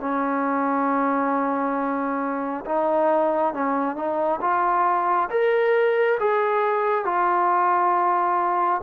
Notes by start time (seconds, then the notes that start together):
0.00 C#4
2.66 D#4
3.54 C#4
3.96 D#4
4.41 F4
5.30 A#4
6.20 G#4
7.05 F4